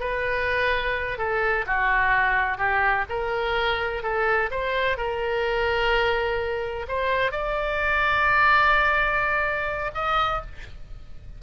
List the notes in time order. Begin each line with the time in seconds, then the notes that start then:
0.00 B4
1.18 A4
1.66 F#4
2.57 G4
3.09 A#4
4.03 A4
4.51 C5
4.97 A#4
6.88 C5
7.31 D5
9.94 D#5